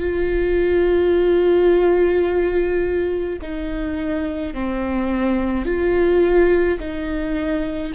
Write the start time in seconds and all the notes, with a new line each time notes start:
0.00 F4
3.42 D#4
4.54 C4
5.66 F4
6.80 D#4